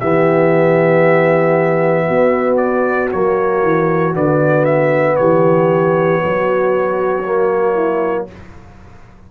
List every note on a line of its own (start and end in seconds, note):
0.00 2.09 E3
0.00 3.11 B3
0.00 2.07 G4
0.00 2.57 E5
2.07 3.13 B3
2.07 5.17 F#4
2.57 3.09 D5
3.11 3.63 F#3
3.11 4.13 A#3
3.11 4.15 C#5
3.63 4.14 E3
4.13 5.18 D3
4.13 7.23 B3
4.13 4.65 D5
4.65 5.16 E5
5.16 6.23 E3
5.16 6.23 G4
5.16 8.26 C#5
6.23 8.31 F#3
6.23 7.75 F#4
7.24 8.28 A#3
7.75 8.27 E4